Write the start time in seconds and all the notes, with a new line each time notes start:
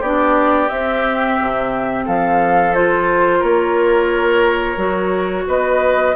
0.00 B3 D4 G4 D5
0.69 C4 E5
1.41 C3
2.05 F3 A4 F5
2.73 F4 C5
3.39 A#3 A#4 C#5
4.77 F#3 F#4
5.47 B3 B4 D#5